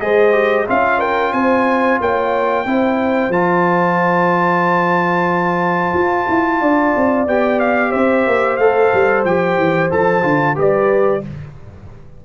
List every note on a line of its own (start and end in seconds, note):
0.00 0.67 G#3
0.00 0.32 G#4
0.00 0.66 C5
0.00 0.66 D#5
0.32 0.65 G4
0.66 1.33 C#4
0.66 2.66 F4
0.66 0.99 E5
0.66 1.01 F5
0.99 1.32 A#4
0.99 1.33 G5
1.33 1.99 C4
1.33 2.01 C5
1.33 1.99 G#5
2.01 2.66 A#3
2.01 2.65 C#5
2.01 3.32 G5
2.65 3.29 C4
2.65 3.32 E4
2.65 6.60 C5
3.29 5.93 F3
3.29 7.28 F4
3.29 7.28 A5
5.94 6.27 F4
6.29 6.61 E4
6.60 6.94 D4
6.60 7.90 D5
6.96 7.27 C4
7.27 7.93 B3
7.27 8.60 G4
7.27 7.60 G5
7.60 7.92 F5
7.90 8.27 C4
7.90 10.54 C5
7.90 8.57 E5
8.27 8.59 A#3
8.57 8.92 A3
8.57 9.26 A4
8.57 9.23 F5
8.93 9.25 G3
9.25 9.57 F3
9.25 9.91 G4
9.25 9.91 G5
9.57 9.90 E3
9.91 10.23 F3
9.91 10.23 A4
9.91 10.58 A5
10.23 10.56 D3
10.23 10.55 F4
10.55 11.23 G3
10.55 11.21 G4
10.55 11.22 B4
10.55 11.25 D5